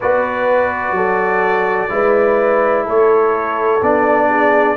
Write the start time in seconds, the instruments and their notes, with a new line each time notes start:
0.00 tuba B3, trombone F#4, horn B4, trumpet D5
0.91 tuba F#3, horn A4
1.89 tuba G#3, trombone E4, horn B4
2.84 tuba A3, horn A4, trumpet C#5
3.81 tuba B3, trombone D4, trumpet D5
4.28 horn G#4